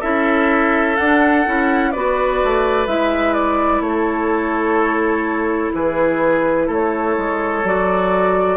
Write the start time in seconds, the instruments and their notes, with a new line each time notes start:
0.00 bassoon C#4, clarinet E4, oboe A4, flute E5
0.96 clarinet D4, bassoon D4, flute F#5
1.46 bassoon C#4, clarinet E4
1.91 bassoon B3, clarinet F#4, oboe B4, flute D5
2.44 bassoon A3
2.87 bassoon G#3, clarinet E4, flute E5
3.33 flute D5
3.80 bassoon A3, flute C#5
3.88 oboe A4
5.74 bassoon E3, oboe G#4, flute B4
6.66 bassoon A3, oboe A4
6.73 flute C#5
7.17 bassoon G#3
7.64 bassoon F#3, clarinet F#4, flute D5